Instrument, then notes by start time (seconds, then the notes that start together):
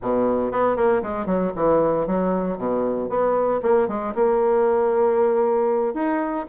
bassoon
0.02 B2
0.51 B3
0.76 A#3
1.02 G#3
1.26 F#3
1.55 E3
2.06 F#3
2.57 B2
3.09 B3
3.62 A#3
3.88 G#3
4.14 A#3
5.94 D#4